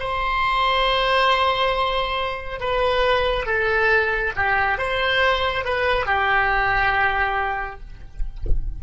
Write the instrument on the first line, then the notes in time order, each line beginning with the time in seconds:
oboe
0.00 C5
2.60 B4
3.47 A4
4.36 G4
4.79 C5
5.65 B4
6.07 G4